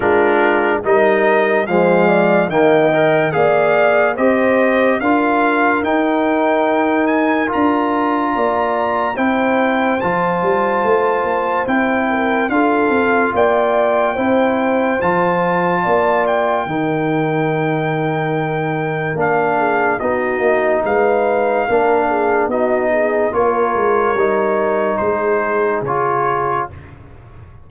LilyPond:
<<
  \new Staff \with { instrumentName = "trumpet" } { \time 4/4 \tempo 4 = 72 ais'4 dis''4 f''4 g''4 | f''4 dis''4 f''4 g''4~ | g''8 gis''8 ais''2 g''4 | a''2 g''4 f''4 |
g''2 a''4. g''8~ | g''2. f''4 | dis''4 f''2 dis''4 | cis''2 c''4 cis''4 | }
  \new Staff \with { instrumentName = "horn" } { \time 4/4 f'4 ais'4 c''8 d''8 dis''4 | d''4 c''4 ais'2~ | ais'2 d''4 c''4~ | c''2~ c''8 ais'8 a'4 |
d''4 c''2 d''4 | ais'2.~ ais'8 gis'8 | fis'4 b'4 ais'8 gis'8 fis'8 gis'8 | ais'2 gis'2 | }
  \new Staff \with { instrumentName = "trombone" } { \time 4/4 d'4 dis'4 gis4 ais8 ais'8 | gis'4 g'4 f'4 dis'4~ | dis'4 f'2 e'4 | f'2 e'4 f'4~ |
f'4 e'4 f'2 | dis'2. d'4 | dis'2 d'4 dis'4 | f'4 dis'2 f'4 | }
  \new Staff \with { instrumentName = "tuba" } { \time 4/4 gis4 g4 f4 dis4 | ais4 c'4 d'4 dis'4~ | dis'4 d'4 ais4 c'4 | f8 g8 a8 ais8 c'4 d'8 c'8 |
ais4 c'4 f4 ais4 | dis2. ais4 | b8 ais8 gis4 ais4 b4 | ais8 gis8 g4 gis4 cis4 | }
>>